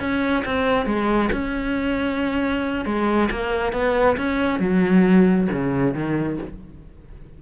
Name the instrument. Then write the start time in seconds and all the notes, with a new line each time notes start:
cello
0.00 C#4
0.45 C4
0.86 G#3
1.33 C#4
2.86 G#3
3.31 A#3
3.73 B3
4.17 C#4
4.60 F#3
5.52 C#3
5.95 D#3